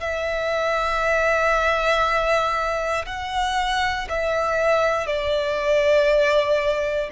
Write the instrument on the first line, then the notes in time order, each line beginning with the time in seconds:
violin
0.00 E5
3.06 F#5
4.09 E5
5.07 D5